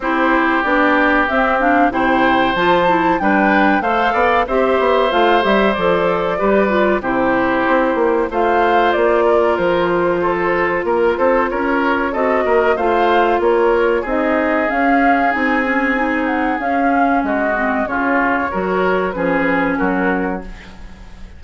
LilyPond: <<
  \new Staff \with { instrumentName = "flute" } { \time 4/4 \tempo 4 = 94 c''4 d''4 e''8 f''8 g''4 | a''4 g''4 f''4 e''4 | f''8 e''8 d''2 c''4~ | c''4 f''4 d''4 c''4~ |
c''4 ais'8 c''8 cis''4 dis''4 | f''4 cis''4 dis''4 f''4 | gis''4. fis''8 f''4 dis''4 | cis''2 b'4 ais'4 | }
  \new Staff \with { instrumentName = "oboe" } { \time 4/4 g'2. c''4~ | c''4 b'4 c''8 d''8 c''4~ | c''2 b'4 g'4~ | g'4 c''4. ais'4. |
a'4 ais'8 a'8 ais'4 a'8 ais'8 | c''4 ais'4 gis'2~ | gis'2. fis'4 | f'4 ais'4 gis'4 fis'4 | }
  \new Staff \with { instrumentName = "clarinet" } { \time 4/4 e'4 d'4 c'8 d'8 e'4 | f'8 e'8 d'4 a'4 g'4 | f'8 g'8 a'4 g'8 f'8 e'4~ | e'4 f'2.~ |
f'2. fis'4 | f'2 dis'4 cis'4 | dis'8 cis'8 dis'4 cis'4. c'8 | cis'4 fis'4 cis'2 | }
  \new Staff \with { instrumentName = "bassoon" } { \time 4/4 c'4 b4 c'4 c4 | f4 g4 a8 b8 c'8 b8 | a8 g8 f4 g4 c4 | c'8 ais8 a4 ais4 f4~ |
f4 ais8 c'8 cis'4 c'8 ais8 | a4 ais4 c'4 cis'4 | c'2 cis'4 gis4 | cis4 fis4 f4 fis4 | }
>>